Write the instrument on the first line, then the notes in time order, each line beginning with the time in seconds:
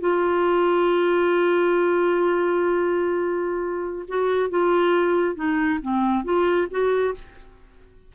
clarinet
0.00 F4
4.08 F#4
4.50 F4
5.35 D#4
5.81 C4
6.24 F4
6.70 F#4